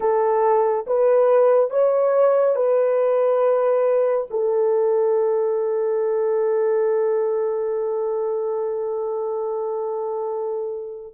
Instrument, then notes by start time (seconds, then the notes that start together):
horn
0.00 A4
0.86 B4
1.70 C#5
2.55 B4
4.30 A4